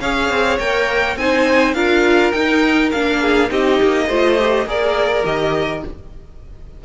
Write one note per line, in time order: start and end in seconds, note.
0.00 0.29 C#4
0.00 0.60 G#4
0.00 1.18 C#5
0.00 0.58 F5
0.29 0.58 C4
0.59 1.16 A#3
0.59 1.19 A#4
0.59 1.17 G5
1.16 1.74 C4
1.16 1.75 D#4
1.16 1.75 C5
1.16 1.74 G#5
1.74 2.32 D4
1.74 2.33 F4
1.74 3.20 A#4
1.74 2.32 F5
2.32 2.92 D#4
2.32 2.90 G5
2.91 3.50 A#3
2.91 3.49 D4
2.91 3.50 F5
3.20 3.49 G#4
3.49 3.79 C4
3.49 4.07 D#4
3.49 4.07 G4
3.49 4.68 D#5
3.82 4.08 A#3
4.07 4.65 A3
4.07 4.39 F4
4.07 4.65 C5
4.39 4.67 G4
4.65 5.23 A#3
4.65 5.24 G#4
4.65 5.84 A#4
4.65 5.25 D5
5.24 5.83 D#3
5.24 5.82 G4
5.24 5.84 D#5